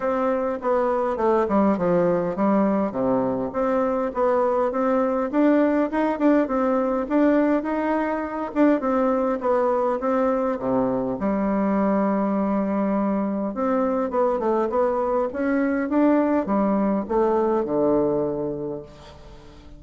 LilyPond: \new Staff \with { instrumentName = "bassoon" } { \time 4/4 \tempo 4 = 102 c'4 b4 a8 g8 f4 | g4 c4 c'4 b4 | c'4 d'4 dis'8 d'8 c'4 | d'4 dis'4. d'8 c'4 |
b4 c'4 c4 g4~ | g2. c'4 | b8 a8 b4 cis'4 d'4 | g4 a4 d2 | }